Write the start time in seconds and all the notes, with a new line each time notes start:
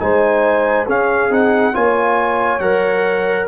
0.00 G#3 D#4 C5 G#5
0.86 C#4 G#4 F5
1.30 C4 D#4 F#5
1.74 A#3 F4 C#5 G#5
2.60 F#3 A#4 F#5